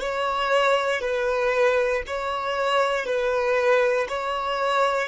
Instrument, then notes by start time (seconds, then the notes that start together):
violin
0.00 C#5
1.01 B4
2.07 C#5
3.06 B4
4.09 C#5